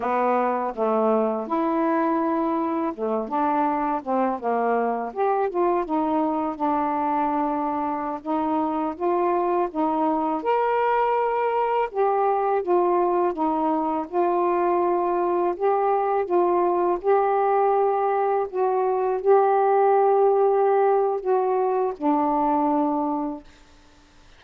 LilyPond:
\new Staff \with { instrumentName = "saxophone" } { \time 4/4 \tempo 4 = 82 b4 a4 e'2 | a8 d'4 c'8 ais4 g'8 f'8 | dis'4 d'2~ d'16 dis'8.~ | dis'16 f'4 dis'4 ais'4.~ ais'16~ |
ais'16 g'4 f'4 dis'4 f'8.~ | f'4~ f'16 g'4 f'4 g'8.~ | g'4~ g'16 fis'4 g'4.~ g'16~ | g'4 fis'4 d'2 | }